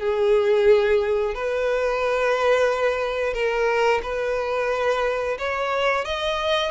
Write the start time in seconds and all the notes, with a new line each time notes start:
0.00 G#4
1.35 B4
3.34 A#4
4.03 B4
5.39 C#5
6.05 D#5